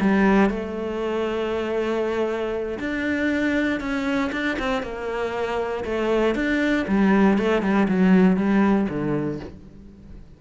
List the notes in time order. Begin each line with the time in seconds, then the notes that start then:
0.00 G3
0.50 A3
2.79 D4
3.80 C#4
4.32 D4
4.59 C4
4.82 A#3
5.84 A3
6.35 D4
6.87 G3
7.38 A3
7.62 G3
7.88 F#3
8.36 G3
8.89 D3